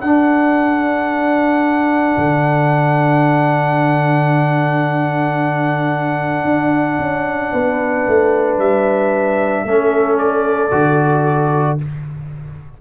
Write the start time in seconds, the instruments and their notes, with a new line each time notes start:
0.00 tuba D4, trombone D4, horn A4, trumpet F#5
2.17 tuba D3
6.44 tuba D4
6.98 tuba C#4
7.51 tuba B3, horn B4
8.07 tuba A3
8.58 tuba G3, trumpet E5
9.64 tuba A3, trombone C#4, horn A4
10.18 trumpet D5
10.71 tuba D3, trombone F#4